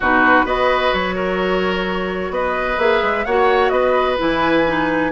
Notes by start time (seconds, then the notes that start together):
0.00 B2 D#4 F#4 B4
0.44 B3 F#4 B4 D#5
0.93 F#3 C#5
1.15 A#4
2.30 B3 B4 D#5
2.78 A#3 G#4 E5
3.02 G#3
3.24 A#3 F#4 C#5 F#5
3.69 B3 B4 D#5
4.17 E3 E4 G#5
4.66 D#4